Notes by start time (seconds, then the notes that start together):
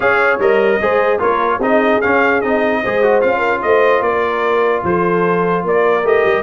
0.00 C#4 G#4 C#5 F5
0.39 G3 A#4 D#5
0.81 G#3 G#4 C5
1.19 A#3 F4 A#4 C#5
1.58 C4 D#4 G#4 D#5
2.01 C#4 F5
2.41 C4 D#4 D#5
2.82 G#3 G#4 C5
3.02 F#4
3.21 C#4 F4 F5
3.38 A#4
3.62 A3 C5 D#5
4.00 A#3 A#4 D5
4.83 F3 A4 C5
5.64 A#3 A#4 D5
6.04 A3 G4 D#5
6.25 G3